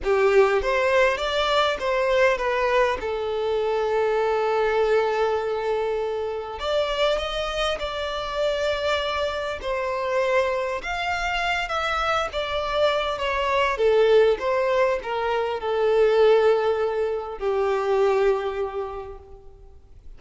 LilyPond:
\new Staff \with { instrumentName = "violin" } { \time 4/4 \tempo 4 = 100 g'4 c''4 d''4 c''4 | b'4 a'2.~ | a'2. d''4 | dis''4 d''2. |
c''2 f''4. e''8~ | e''8 d''4. cis''4 a'4 | c''4 ais'4 a'2~ | a'4 g'2. | }